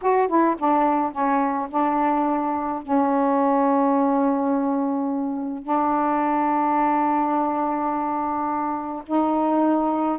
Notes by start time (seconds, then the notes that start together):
0.01 F#4
0.28 E4
0.58 D4
1.12 C#4
1.69 D4
2.82 C#4
5.63 D4
9.06 D#4